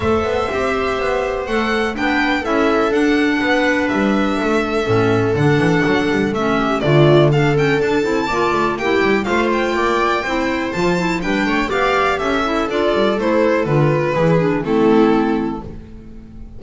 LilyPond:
<<
  \new Staff \with { instrumentName = "violin" } { \time 4/4 \tempo 4 = 123 e''2. fis''4 | g''4 e''4 fis''2 | e''2. fis''4~ | fis''4 e''4 d''4 f''8 g''8 |
a''2 g''4 f''8 g''8~ | g''2 a''4 g''4 | f''4 e''4 d''4 c''4 | b'2 a'2 | }
  \new Staff \with { instrumentName = "viola" } { \time 4/4 c''1 | b'4 a'2 b'4~ | b'4 a'2.~ | a'4. g'8 f'4 a'4~ |
a'4 d''4 g'4 c''4 | d''4 c''2 b'8 cis''8 | d''4 a'2.~ | a'4 gis'4 e'2 | }
  \new Staff \with { instrumentName = "clarinet" } { \time 4/4 a'4 g'2 a'4 | d'4 e'4 d'2~ | d'2 cis'4 d'4~ | d'4 cis'4 a4 d'8 cis'8 |
d'8 e'8 f'4 e'4 f'4~ | f'4 e'4 f'8 e'8 d'4 | g'4. e'8 f'4 e'4 | f'4 e'8 d'8 c'2 | }
  \new Staff \with { instrumentName = "double bass" } { \time 4/4 a8 b8 c'4 b4 a4 | b4 cis'4 d'4 b4 | g4 a4 a,4 d8 e8 | fis8 g8 a4 d2 |
d'8 c'8 ais8 a8 ais8 g8 a4 | ais4 c'4 f4 g8 a8 | b4 cis'4 d'8 g8 a4 | d4 e4 a2 | }
>>